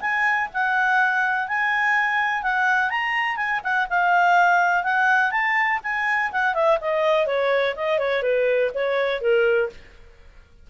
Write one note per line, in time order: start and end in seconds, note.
0.00 0.48 G#5
0.53 1.48 F#5
1.48 2.43 G#5
2.43 2.90 F#5
2.90 3.36 A#5
3.36 3.60 G#5
3.63 3.88 F#5
3.89 4.83 F5
4.83 5.31 F#5
5.31 5.79 A5
5.83 6.31 G#5
6.32 6.54 F#5
6.54 6.78 E5
6.81 7.26 D#5
7.26 7.75 C#5
7.76 7.99 D#5
7.99 8.22 C#5
8.22 8.71 B4
8.74 9.21 C#5
9.21 9.69 A#4